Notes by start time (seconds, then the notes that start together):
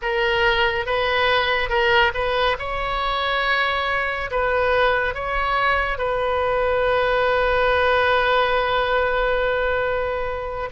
0.02 A#4
0.86 B4
1.69 A#4
2.14 B4
2.59 C#5
4.31 B4
5.14 C#5
5.98 B4